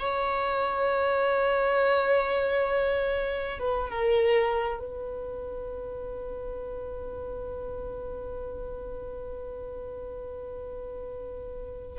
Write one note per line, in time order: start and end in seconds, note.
0.00 3.60 C#5
3.60 3.90 B4
3.90 4.79 A#4
4.79 11.99 B4